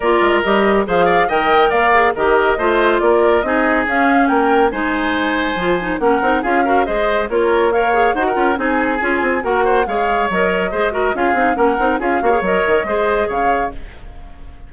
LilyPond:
<<
  \new Staff \with { instrumentName = "flute" } { \time 4/4 \tempo 4 = 140 d''4 dis''4 f''4 g''4 | f''4 dis''2 d''4 | dis''4 f''4 g''4 gis''4~ | gis''2 fis''4 f''4 |
dis''4 cis''4 f''4 fis''4 | gis''2 fis''4 f''4 | dis''2 f''4 fis''4 | f''4 dis''2 f''4 | }
  \new Staff \with { instrumentName = "oboe" } { \time 4/4 ais'2 c''8 d''8 dis''4 | d''4 ais'4 c''4 ais'4 | gis'2 ais'4 c''4~ | c''2 ais'4 gis'8 ais'8 |
c''4 ais'4 cis''4 c''16 ais'8. | gis'2 ais'8 c''8 cis''4~ | cis''4 c''8 ais'8 gis'4 ais'4 | gis'8 cis''4. c''4 cis''4 | }
  \new Staff \with { instrumentName = "clarinet" } { \time 4/4 f'4 g'4 gis'4 ais'4~ | ais'8 gis'8 g'4 f'2 | dis'4 cis'2 dis'4~ | dis'4 f'8 dis'8 cis'8 dis'8 f'8 fis'8 |
gis'4 f'4 ais'8 gis'8 fis'8 f'8 | dis'4 f'4 fis'4 gis'4 | ais'4 gis'8 fis'8 f'8 dis'8 cis'8 dis'8 | f'8 fis'16 gis'16 ais'4 gis'2 | }
  \new Staff \with { instrumentName = "bassoon" } { \time 4/4 ais8 gis8 g4 f4 dis4 | ais4 dis4 a4 ais4 | c'4 cis'4 ais4 gis4~ | gis4 f4 ais8 c'8 cis'4 |
gis4 ais2 dis'8 cis'8 | c'4 cis'8 c'8 ais4 gis4 | fis4 gis4 cis'8 c'8 ais8 c'8 | cis'8 ais8 fis8 dis8 gis4 cis4 | }
>>